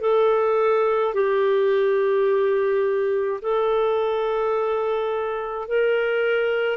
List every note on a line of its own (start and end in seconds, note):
0.00 1.13 A4
1.13 3.40 G4
3.41 5.68 A4
5.68 6.77 A#4